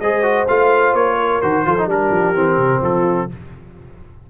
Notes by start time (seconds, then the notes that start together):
0.00 G#3 G#4 C5 D#5
0.23 F#4
0.48 A3 F4 F5
0.94 A#3 C#5
1.21 A#4
1.42 D#3 F#4 C5
1.66 F3 F4 A4
1.78 D#4
1.87 G3 D4 G4 A#4
2.11 F3
2.35 E3 C4
2.58 C3
2.82 F3 F4 A4